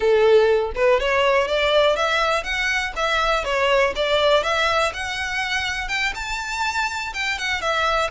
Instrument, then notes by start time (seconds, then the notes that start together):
violin
0.00 A4
0.75 B4
1.00 C#5
1.47 D5
1.95 E5
2.43 F#5
2.96 E5
3.44 C#5
3.95 D5
4.43 E5
4.93 F#5
5.88 G5
6.15 A5
7.13 G5
7.38 F#5
7.61 E5